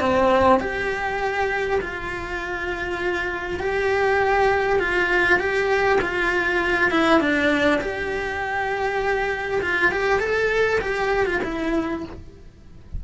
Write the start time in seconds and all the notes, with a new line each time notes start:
0.00 C4
0.60 G4
1.80 F4
3.59 G4
4.79 F4
5.39 G4
6.01 F4
6.90 E4
7.20 D4
7.81 G4
9.61 F4
9.91 G4
10.19 A4
10.81 G4
11.26 F4
11.43 E4